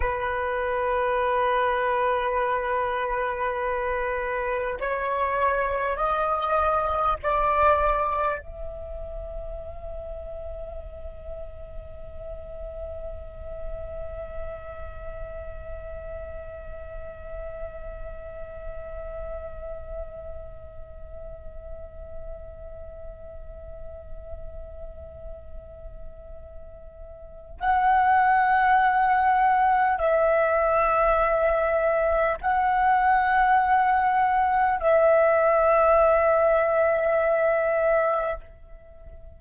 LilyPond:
\new Staff \with { instrumentName = "flute" } { \time 4/4 \tempo 4 = 50 b'1 | cis''4 dis''4 d''4 e''4~ | e''1~ | e''1~ |
e''1~ | e''2. fis''4~ | fis''4 e''2 fis''4~ | fis''4 e''2. | }